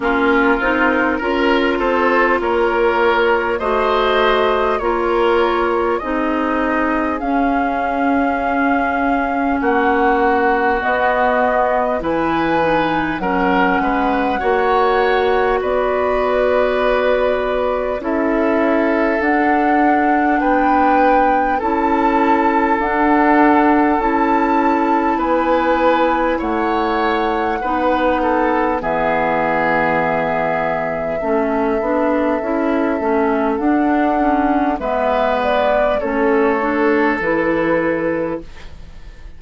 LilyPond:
<<
  \new Staff \with { instrumentName = "flute" } { \time 4/4 \tempo 4 = 50 ais'4. c''8 cis''4 dis''4 | cis''4 dis''4 f''2 | fis''4 dis''4 gis''4 fis''4~ | fis''4 d''2 e''4 |
fis''4 g''4 a''4 fis''4 | a''4 gis''4 fis''2 | e''1 | fis''4 e''8 d''8 cis''4 b'4 | }
  \new Staff \with { instrumentName = "oboe" } { \time 4/4 f'4 ais'8 a'8 ais'4 c''4 | ais'4 gis'2. | fis'2 b'4 ais'8 b'8 | cis''4 b'2 a'4~ |
a'4 b'4 a'2~ | a'4 b'4 cis''4 b'8 a'8 | gis'2 a'2~ | a'4 b'4 a'2 | }
  \new Staff \with { instrumentName = "clarinet" } { \time 4/4 cis'8 dis'8 f'2 fis'4 | f'4 dis'4 cis'2~ | cis'4 b4 e'8 dis'8 cis'4 | fis'2. e'4 |
d'2 e'4 d'4 | e'2. dis'4 | b2 cis'8 d'8 e'8 cis'8 | d'8 cis'8 b4 cis'8 d'8 e'4 | }
  \new Staff \with { instrumentName = "bassoon" } { \time 4/4 ais8 c'8 cis'8 c'8 ais4 a4 | ais4 c'4 cis'2 | ais4 b4 e4 fis8 gis8 | ais4 b2 cis'4 |
d'4 b4 cis'4 d'4 | cis'4 b4 a4 b4 | e2 a8 b8 cis'8 a8 | d'4 gis4 a4 e4 | }
>>